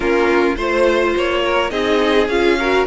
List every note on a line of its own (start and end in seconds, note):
0.00 0.55 A#3
0.00 0.57 C#4
0.00 0.56 F4
0.00 0.57 A#4
0.56 1.14 A3
0.56 1.70 F4
0.56 1.41 C5
0.56 1.14 C5
1.16 1.70 A#3
1.16 1.70 C#5
1.45 1.71 A#4
1.70 2.27 C4
1.70 2.27 D#4
1.70 2.57 G#4
1.70 2.27 D#5
2.27 2.85 C#4
2.27 2.59 F4
2.27 2.85 F5
2.59 2.86 F#4
2.59 2.86 A#4